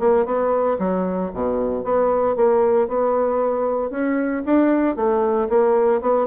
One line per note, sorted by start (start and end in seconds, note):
0.00 0.26 A#3
0.26 0.78 B3
0.79 1.31 F#3
1.34 1.84 B2
1.84 2.36 B3
2.36 2.88 A#3
2.88 3.91 B3
3.91 4.43 C#4
4.46 4.96 D4
4.96 5.49 A3
5.49 6.01 A#3
6.01 6.28 B3